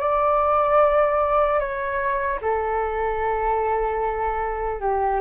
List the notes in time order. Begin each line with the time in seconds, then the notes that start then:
0.00 D5
1.60 C#5
2.42 A4
4.81 G4